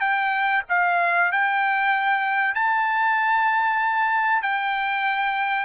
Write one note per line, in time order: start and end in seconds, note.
0.00 0.62 G5
0.69 1.32 F5
1.32 2.54 G5
2.54 4.42 A5
4.42 5.65 G5